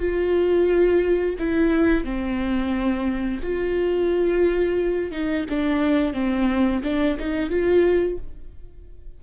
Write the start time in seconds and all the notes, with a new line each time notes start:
0.00 F4
1.39 E4
2.05 C4
3.43 F4
5.12 D#4
5.50 D4
6.14 C4
6.84 D4
7.19 D#4
7.50 F4